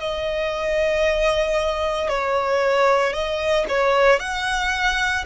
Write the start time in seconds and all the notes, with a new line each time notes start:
0.00 D#5
2.09 C#5
3.13 D#5
3.69 C#5
4.20 F#5